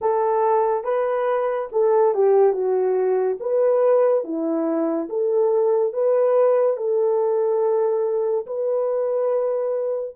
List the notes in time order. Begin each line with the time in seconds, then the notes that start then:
0.01 A4
0.84 B4
1.72 A4
2.14 G4
2.52 F#4
3.40 B4
4.24 E4
5.09 A4
5.93 B4
6.76 A4
8.46 B4